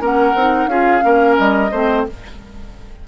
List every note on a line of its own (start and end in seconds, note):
0.00 0.34 A#3
0.00 0.34 C#4
0.00 0.69 A#4
0.00 0.67 F#5
0.34 0.66 C4
0.34 0.70 D#4
0.66 1.00 C#4
0.66 1.01 F4
0.66 1.04 G#4
0.66 1.36 F5
1.01 1.38 A#3
1.01 1.69 C#4
1.01 1.71 A#4
1.37 1.71 G3
1.37 2.05 D#5
1.71 2.05 A3
1.71 2.08 C4
1.71 2.05 C5